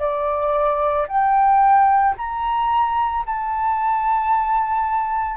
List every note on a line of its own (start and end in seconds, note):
0.00 1.07 D5
1.09 2.16 G5
2.18 3.25 A#5
3.26 5.37 A5